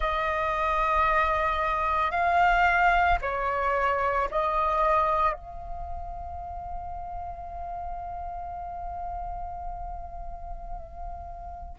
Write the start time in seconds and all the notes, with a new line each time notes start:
0.00 D#5
2.11 F5
3.21 C#5
4.31 D#5
5.33 F5